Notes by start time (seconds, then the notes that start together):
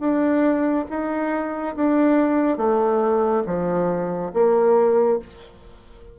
0.00 D4
0.90 D#4
1.76 D4
2.58 A3
3.47 F3
4.34 A#3